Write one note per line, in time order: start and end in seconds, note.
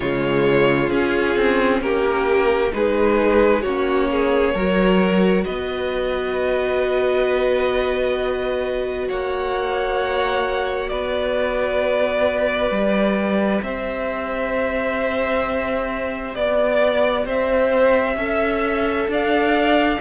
0.00 0.90 C#3
0.00 0.89 G#3
0.00 1.82 F4
0.00 0.90 C#5
0.89 2.71 C#4
0.89 1.35 C#4
0.89 1.80 G#4
1.36 1.81 C4
1.81 2.72 A#3
1.81 2.73 G4
1.81 2.72 A#4
2.72 3.64 G#3
2.72 3.62 D#4
2.72 3.62 G#4
2.72 3.62 B4
3.62 4.54 A#3
3.62 4.57 C#4
3.62 4.08 F#4
3.62 5.44 C#5
4.11 4.53 G#4
4.53 5.45 F#3
4.53 12.73 F#4
4.53 5.44 A#4
5.44 9.09 B3
5.44 9.08 B4
5.44 9.08 D#5
9.08 10.90 A#3
9.08 10.90 C#5
9.08 10.88 F#5
10.88 12.70 B3
10.88 13.64 B4
10.88 13.61 D5
12.70 13.61 G3
12.70 18.18 G4
13.62 16.34 C4
13.62 16.37 C5
13.62 16.34 E5
16.34 17.25 B3
16.34 17.25 D5
17.25 18.16 C4
17.25 18.16 C5
17.25 19.10 E5
18.16 19.07 C#4
18.16 20.00 A4
18.16 19.10 E5
19.08 19.98 D4
19.08 20.01 D5
19.08 20.01 F5